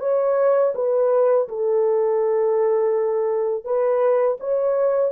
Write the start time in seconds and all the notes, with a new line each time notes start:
0.00 C#5
0.75 B4
1.48 A4
3.65 B4
4.40 C#5